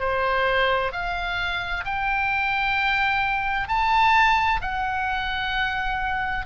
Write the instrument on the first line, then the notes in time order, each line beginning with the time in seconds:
oboe
0.00 C5
0.92 F5
1.85 G5
3.68 A5
4.62 F#5